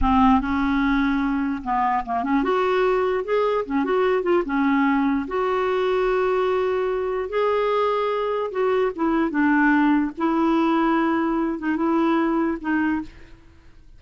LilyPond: \new Staff \with { instrumentName = "clarinet" } { \time 4/4 \tempo 4 = 148 c'4 cis'2. | b4 ais8 cis'8 fis'2 | gis'4 cis'8 fis'4 f'8 cis'4~ | cis'4 fis'2.~ |
fis'2 gis'2~ | gis'4 fis'4 e'4 d'4~ | d'4 e'2.~ | e'8 dis'8 e'2 dis'4 | }